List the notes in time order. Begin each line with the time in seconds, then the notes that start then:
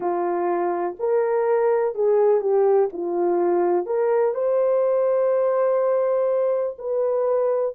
0.00 F4
0.99 A#4
1.94 G#4
2.40 G4
2.93 F4
3.85 A#4
4.34 C5
6.78 B4